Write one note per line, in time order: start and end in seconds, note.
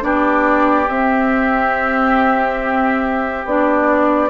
0.00 0.88 B3
0.00 0.86 D4
0.00 4.29 G4
0.00 0.89 D5
0.88 3.46 C4
0.88 3.45 C4
0.88 3.46 E5
3.45 4.29 B3
3.45 4.29 D4
3.45 4.29 D5